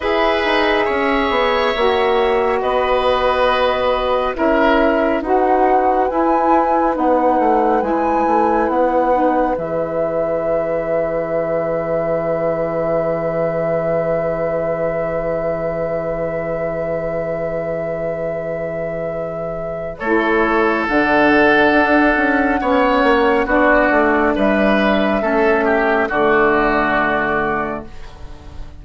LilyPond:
<<
  \new Staff \with { instrumentName = "flute" } { \time 4/4 \tempo 4 = 69 e''2. dis''4~ | dis''4 e''4 fis''4 gis''4 | fis''4 gis''4 fis''4 e''4~ | e''1~ |
e''1~ | e''2. cis''4 | fis''2. d''4 | e''2 d''2 | }
  \new Staff \with { instrumentName = "oboe" } { \time 4/4 b'4 cis''2 b'4~ | b'4 ais'4 b'2~ | b'1~ | b'1~ |
b'1~ | b'2. a'4~ | a'2 cis''4 fis'4 | b'4 a'8 g'8 fis'2 | }
  \new Staff \with { instrumentName = "saxophone" } { \time 4/4 gis'2 fis'2~ | fis'4 e'4 fis'4 e'4 | dis'4 e'4. dis'8 gis'4~ | gis'1~ |
gis'1~ | gis'2. e'4 | d'2 cis'4 d'4~ | d'4 cis'4 a2 | }
  \new Staff \with { instrumentName = "bassoon" } { \time 4/4 e'8 dis'8 cis'8 b8 ais4 b4~ | b4 cis'4 dis'4 e'4 | b8 a8 gis8 a8 b4 e4~ | e1~ |
e1~ | e2. a4 | d4 d'8 cis'8 b8 ais8 b8 a8 | g4 a4 d2 | }
>>